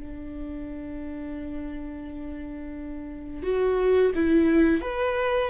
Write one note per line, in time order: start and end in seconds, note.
0.00 3.43 D4
3.43 4.12 F#4
4.15 4.82 E4
4.82 5.50 B4